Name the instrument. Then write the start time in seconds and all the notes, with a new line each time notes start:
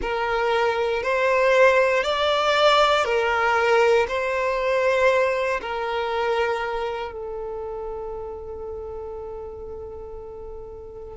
violin
0.01 A#4
1.02 C5
2.03 D5
3.04 A#4
4.08 C5
5.61 A#4
7.12 A4